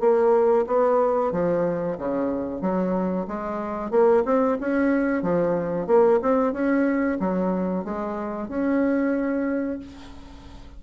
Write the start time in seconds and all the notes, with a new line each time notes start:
0.00 A#3
0.66 B3
1.32 F3
1.98 C#3
2.61 F#3
3.27 G#3
3.91 A#3
4.25 C4
4.60 C#4
5.22 F3
5.87 A#3
6.22 C4
6.52 C#4
7.19 F#3
7.84 G#3
8.48 C#4